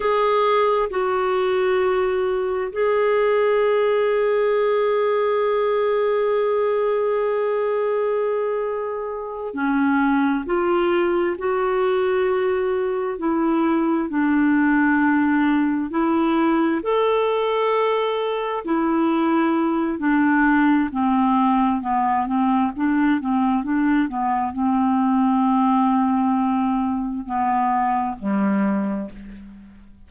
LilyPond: \new Staff \with { instrumentName = "clarinet" } { \time 4/4 \tempo 4 = 66 gis'4 fis'2 gis'4~ | gis'1~ | gis'2~ gis'8 cis'4 f'8~ | f'8 fis'2 e'4 d'8~ |
d'4. e'4 a'4.~ | a'8 e'4. d'4 c'4 | b8 c'8 d'8 c'8 d'8 b8 c'4~ | c'2 b4 g4 | }